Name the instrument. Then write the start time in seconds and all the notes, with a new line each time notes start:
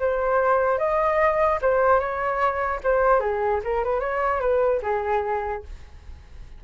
flute
0.00 C5
0.79 D#5
1.62 C5
2.00 C#5
2.84 C5
3.20 G#4
3.64 A#4
3.84 B4
4.00 C#5
4.41 B4
4.83 G#4